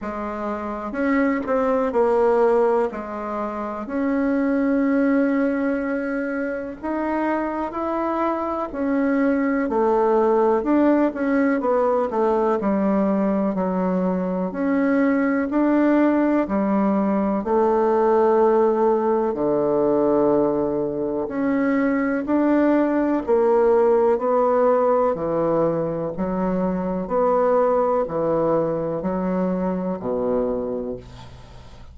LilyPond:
\new Staff \with { instrumentName = "bassoon" } { \time 4/4 \tempo 4 = 62 gis4 cis'8 c'8 ais4 gis4 | cis'2. dis'4 | e'4 cis'4 a4 d'8 cis'8 | b8 a8 g4 fis4 cis'4 |
d'4 g4 a2 | d2 cis'4 d'4 | ais4 b4 e4 fis4 | b4 e4 fis4 b,4 | }